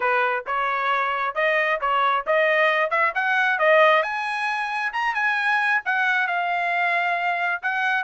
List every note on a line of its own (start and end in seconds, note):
0.00 0.44 B4
0.46 1.34 C#5
1.34 1.79 D#5
1.80 2.25 C#5
2.26 2.90 D#5
2.90 3.12 E5
3.14 3.58 F#5
3.58 4.02 D#5
4.02 4.92 G#5
4.93 5.14 A#5
5.14 5.81 G#5
5.85 6.27 F#5
6.27 7.61 F5
7.62 8.03 F#5